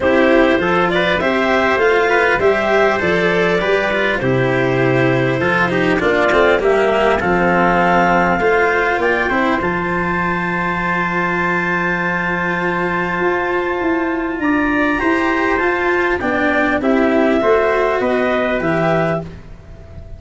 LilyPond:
<<
  \new Staff \with { instrumentName = "clarinet" } { \time 4/4 \tempo 4 = 100 c''4. d''8 e''4 f''4 | e''4 d''2 c''4~ | c''2 d''4 e''4 | f''2. g''4 |
a''1~ | a''1 | ais''2 a''4 g''4 | e''2 dis''4 e''4 | }
  \new Staff \with { instrumentName = "trumpet" } { \time 4/4 g'4 a'8 b'8 c''4. b'8 | c''2 b'4 g'4~ | g'4 a'8 g'8 f'4 g'4 | a'2 c''4 d''8 c''8~ |
c''1~ | c''1 | d''4 c''2 d''4 | g'4 c''4 b'2 | }
  \new Staff \with { instrumentName = "cello" } { \time 4/4 e'4 f'4 g'4 f'4 | g'4 a'4 g'8 f'8 e'4~ | e'4 f'8 dis'8 d'8 c'8 ais4 | c'2 f'4. e'8 |
f'1~ | f'1~ | f'4 g'4 f'4 d'4 | e'4 fis'2 g'4 | }
  \new Staff \with { instrumentName = "tuba" } { \time 4/4 c'4 f4 c'4 a4 | g4 f4 g4 c4~ | c4 f4 ais8 a8 g4 | f2 a4 ais8 c'8 |
f1~ | f2 f'4 e'4 | d'4 e'4 f'4 b4 | c'4 a4 b4 e4 | }
>>